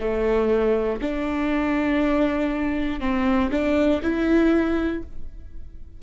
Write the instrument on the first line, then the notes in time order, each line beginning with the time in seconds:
viola
0.00 A3
1.01 D4
3.00 C4
3.51 D4
4.02 E4